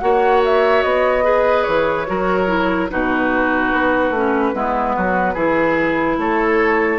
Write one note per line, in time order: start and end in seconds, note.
0.00 0.84 A#3
0.00 1.24 F#4
0.00 1.25 C#5
0.00 0.41 F#5
0.45 0.83 E5
0.83 1.66 B3
0.83 1.64 D#5
1.24 2.06 G#4
1.24 2.07 B4
1.64 2.09 E3
1.64 2.87 C#5
2.07 2.91 F#3
2.07 2.47 F#4
2.07 2.91 A#4
2.47 2.89 E4
2.91 3.74 B2
2.91 4.14 D#4
2.91 4.55 F#4
2.91 6.20 B4
3.74 4.11 B3
4.11 4.52 A3
4.11 4.54 C#4
4.54 4.96 G#3
4.54 5.36 B3
4.54 4.96 E4
4.96 5.36 F#3
4.96 5.34 F#4
5.34 6.18 E3
5.34 7.00 E4
5.34 6.16 G#4
6.18 7.00 A3
6.18 7.00 A4
6.18 7.00 C#5